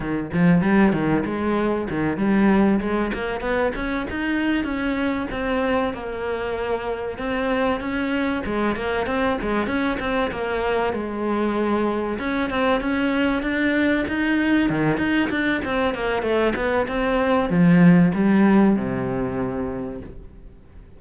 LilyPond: \new Staff \with { instrumentName = "cello" } { \time 4/4 \tempo 4 = 96 dis8 f8 g8 dis8 gis4 dis8 g8~ | g8 gis8 ais8 b8 cis'8 dis'4 cis'8~ | cis'8 c'4 ais2 c'8~ | c'8 cis'4 gis8 ais8 c'8 gis8 cis'8 |
c'8 ais4 gis2 cis'8 | c'8 cis'4 d'4 dis'4 dis8 | dis'8 d'8 c'8 ais8 a8 b8 c'4 | f4 g4 c2 | }